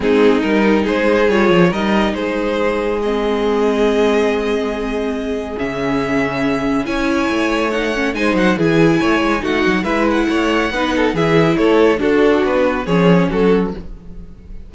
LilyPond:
<<
  \new Staff \with { instrumentName = "violin" } { \time 4/4 \tempo 4 = 140 gis'4 ais'4 c''4 cis''4 | dis''4 c''2 dis''4~ | dis''1~ | dis''4 e''2. |
gis''2 fis''4 gis''8 fis''8 | gis''2 fis''4 e''8 fis''8~ | fis''2 e''4 cis''4 | a'4 b'4 cis''4 a'4 | }
  \new Staff \with { instrumentName = "violin" } { \time 4/4 dis'2 gis'2 | ais'4 gis'2.~ | gis'1~ | gis'1 |
cis''2. c''4 | gis'4 cis''4 fis'4 b'4 | cis''4 b'8 a'8 gis'4 a'4 | fis'2 gis'4 fis'4 | }
  \new Staff \with { instrumentName = "viola" } { \time 4/4 c'4 dis'2 f'4 | dis'2. c'4~ | c'1~ | c'4 cis'2. |
e'2 dis'8 cis'8 dis'4 | e'2 dis'4 e'4~ | e'4 dis'4 e'2 | d'2 cis'2 | }
  \new Staff \with { instrumentName = "cello" } { \time 4/4 gis4 g4 gis4 g8 f8 | g4 gis2.~ | gis1~ | gis4 cis2. |
cis'4 a2 gis8 fis8 | e4 a8 gis8 a8 fis8 gis4 | a4 b4 e4 a4 | d'4 b4 f4 fis4 | }
>>